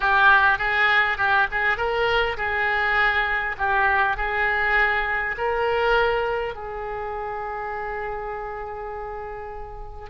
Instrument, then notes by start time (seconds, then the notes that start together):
oboe
0.00 G4
0.58 G#4
1.17 G4
1.51 G#4
1.77 A#4
2.37 G#4
3.58 G4
4.16 G#4
5.37 A#4
6.55 G#4